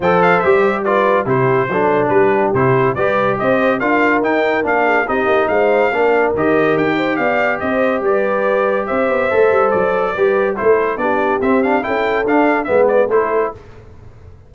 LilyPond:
<<
  \new Staff \with { instrumentName = "trumpet" } { \time 4/4 \tempo 4 = 142 g''8 f''8 e''4 d''4 c''4~ | c''4 b'4 c''4 d''4 | dis''4 f''4 g''4 f''4 | dis''4 f''2 dis''4 |
g''4 f''4 dis''4 d''4~ | d''4 e''2 d''4~ | d''4 c''4 d''4 e''8 f''8 | g''4 f''4 e''8 d''8 c''4 | }
  \new Staff \with { instrumentName = "horn" } { \time 4/4 c''2 b'4 g'4 | a'4 g'2 b'4 | c''4 ais'2~ ais'8 gis'8 | g'4 c''4 ais'2~ |
ais'8 c''8 d''4 c''4 b'4~ | b'4 c''2. | b'4 a'4 g'2 | a'2 b'4 a'4 | }
  \new Staff \with { instrumentName = "trombone" } { \time 4/4 a'4 g'4 f'4 e'4 | d'2 e'4 g'4~ | g'4 f'4 dis'4 d'4 | dis'2 d'4 g'4~ |
g'1~ | g'2 a'2 | g'4 e'4 d'4 c'8 d'8 | e'4 d'4 b4 e'4 | }
  \new Staff \with { instrumentName = "tuba" } { \time 4/4 f4 g2 c4 | fis4 g4 c4 g4 | c'4 d'4 dis'4 ais4 | c'8 ais8 gis4 ais4 dis4 |
dis'4 b4 c'4 g4~ | g4 c'8 b8 a8 g8 fis4 | g4 a4 b4 c'4 | cis'4 d'4 gis4 a4 | }
>>